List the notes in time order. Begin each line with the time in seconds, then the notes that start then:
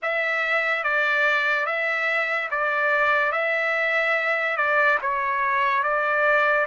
0.02 E5
0.83 D5
1.66 E5
2.50 D5
3.31 E5
4.56 D5
5.01 C#5
5.83 D5